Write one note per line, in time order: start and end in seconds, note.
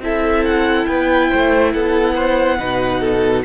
0.00 0.86 C4
0.00 2.59 E4
0.00 0.88 A4
0.00 0.45 E5
0.45 0.86 F#5
0.86 1.31 B3
0.86 1.30 B4
0.86 1.71 G5
1.30 1.74 A3
1.30 1.73 C5
1.73 2.60 B3
1.73 2.14 A4
1.73 3.44 F#5
2.14 2.57 C5
2.58 3.44 B2
2.58 3.44 D#4
2.58 3.00 B4
3.00 3.43 A4